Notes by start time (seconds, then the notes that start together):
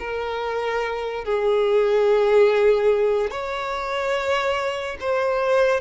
0.00 A#4
1.25 G#4
3.31 C#5
5.00 C5